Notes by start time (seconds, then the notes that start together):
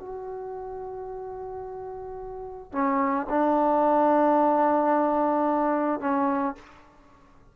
0.00 F#4
2.72 C#4
3.30 D4
6.00 C#4